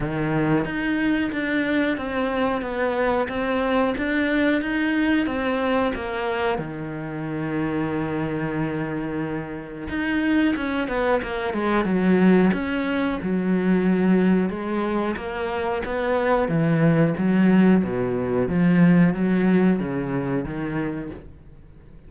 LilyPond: \new Staff \with { instrumentName = "cello" } { \time 4/4 \tempo 4 = 91 dis4 dis'4 d'4 c'4 | b4 c'4 d'4 dis'4 | c'4 ais4 dis2~ | dis2. dis'4 |
cis'8 b8 ais8 gis8 fis4 cis'4 | fis2 gis4 ais4 | b4 e4 fis4 b,4 | f4 fis4 cis4 dis4 | }